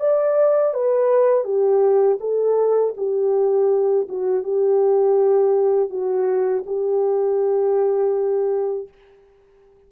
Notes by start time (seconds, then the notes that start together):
0.00 D5
0.74 B4
1.44 G4
2.20 A4
2.97 G4
4.08 F#4
4.43 G4
5.90 F#4
6.66 G4